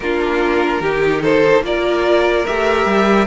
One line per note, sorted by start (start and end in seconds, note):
0.00 0.80 A#3
0.00 0.84 D4
0.00 0.81 F4
0.00 1.22 A#4
0.80 1.61 D#3
0.80 1.63 D#4
0.80 1.21 G4
1.21 1.62 A4
1.21 1.63 C5
1.61 2.44 A#3
1.61 2.46 F4
1.61 3.27 A#4
1.61 2.46 D5
2.46 2.85 A3
2.46 3.27 G4
2.46 3.27 E5
2.85 3.26 G3